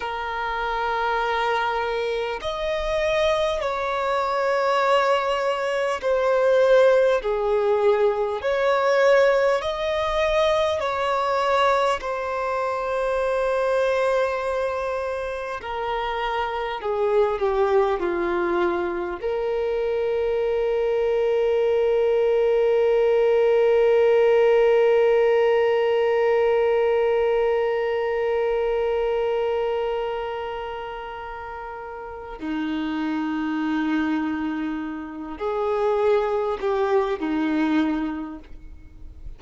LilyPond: \new Staff \with { instrumentName = "violin" } { \time 4/4 \tempo 4 = 50 ais'2 dis''4 cis''4~ | cis''4 c''4 gis'4 cis''4 | dis''4 cis''4 c''2~ | c''4 ais'4 gis'8 g'8 f'4 |
ais'1~ | ais'1~ | ais'2. dis'4~ | dis'4. gis'4 g'8 dis'4 | }